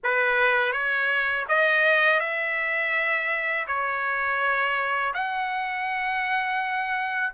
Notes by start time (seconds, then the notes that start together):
0.03 B4
0.72 C#5
1.48 D#5
2.20 E5
3.67 C#5
5.14 F#5